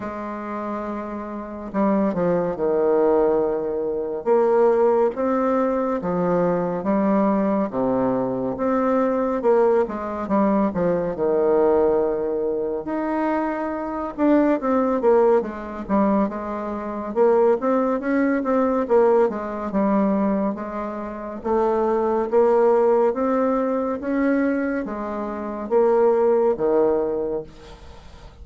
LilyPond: \new Staff \with { instrumentName = "bassoon" } { \time 4/4 \tempo 4 = 70 gis2 g8 f8 dis4~ | dis4 ais4 c'4 f4 | g4 c4 c'4 ais8 gis8 | g8 f8 dis2 dis'4~ |
dis'8 d'8 c'8 ais8 gis8 g8 gis4 | ais8 c'8 cis'8 c'8 ais8 gis8 g4 | gis4 a4 ais4 c'4 | cis'4 gis4 ais4 dis4 | }